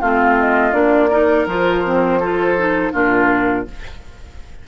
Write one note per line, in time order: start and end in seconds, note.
0.00 0.72 A3
0.00 0.72 C4
0.00 1.10 F4
0.00 0.37 F5
0.39 0.73 D#5
0.72 1.46 A#3
0.72 1.09 D4
0.72 1.46 D5
1.10 1.47 D#4
1.10 2.19 A#4
1.46 2.92 F3
1.46 1.84 F4
1.46 2.94 C5
1.84 2.21 C4
2.19 2.57 F4
2.19 2.92 A4
2.57 2.92 D#4
2.92 3.66 A#2
2.92 3.65 D4
2.92 3.65 F4
2.92 3.67 A#4